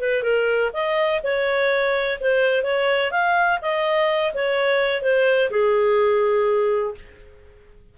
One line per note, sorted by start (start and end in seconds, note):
0.00 0.23 B4
0.23 0.71 A#4
0.73 1.21 D#5
1.23 2.19 C#5
2.20 2.63 C5
2.63 3.11 C#5
3.11 3.59 F5
3.62 4.34 D#5
4.34 5.02 C#5
5.02 5.50 C5
5.50 6.94 G#4